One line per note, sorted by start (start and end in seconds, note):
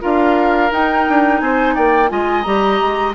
0.00 0.71 D4
0.00 0.70 F4
0.00 1.40 A#4
0.00 0.72 F5
0.71 1.06 D#4
0.71 2.08 D#4
0.71 1.40 G5
1.08 1.41 D4
1.40 1.75 C4
1.40 1.74 C5
1.40 1.74 G#5
1.74 2.10 A#3
1.74 2.09 D5
1.74 2.10 G5
2.08 2.45 G#3
2.08 2.43 F4
2.08 3.14 D#5
2.08 2.42 G#5
2.42 2.80 G3
2.42 3.14 G4
2.42 3.12 A#5
2.80 3.14 G#3